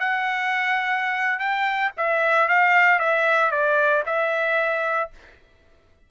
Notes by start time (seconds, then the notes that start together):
0.00 F#5
1.39 G5
1.97 E5
2.49 F5
3.00 E5
3.51 D5
4.06 E5